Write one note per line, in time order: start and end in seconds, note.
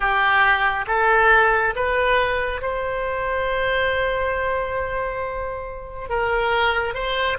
0.00 0.85 G4
0.87 1.74 A4
1.75 2.61 B4
2.61 6.09 C5
6.09 6.94 A#4
6.94 7.37 C5